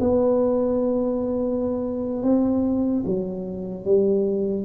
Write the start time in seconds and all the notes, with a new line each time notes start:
0.00 B3
2.23 C4
3.06 F#3
3.85 G3